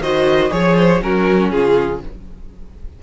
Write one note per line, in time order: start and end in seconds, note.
0.00 0.50 D#3
0.00 0.50 F#4
0.00 0.52 C5
0.00 0.52 D#5
0.50 1.01 F3
0.50 1.00 G#4
0.50 0.76 C#5
0.50 1.04 C#5
0.76 1.01 C5
1.01 1.52 F#3
1.01 2.02 C#4
1.01 1.52 F#4
1.01 1.50 A#4
1.50 2.03 C#3
1.50 2.03 F4
1.50 2.01 G#4